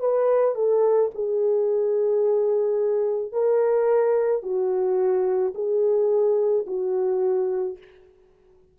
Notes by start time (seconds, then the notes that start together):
0.00 B4
0.56 A4
1.15 G#4
3.32 A#4
4.43 F#4
5.55 G#4
6.67 F#4